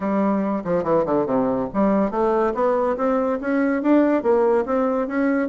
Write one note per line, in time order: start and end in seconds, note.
0.00 0.63 G3
0.64 0.83 F3
0.83 1.04 E3
1.05 1.26 D3
1.26 1.68 C3
1.73 2.10 G3
2.10 2.53 A3
2.54 2.96 B3
2.97 3.39 C4
3.41 3.82 C#4
3.82 4.22 D4
4.22 4.65 A#3
4.65 5.07 C4
5.07 5.48 C#4